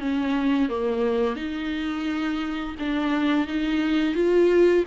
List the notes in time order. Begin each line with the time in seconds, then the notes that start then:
0.00 C#4
0.69 A#3
1.36 D#4
2.80 D4
3.48 D#4
4.15 F4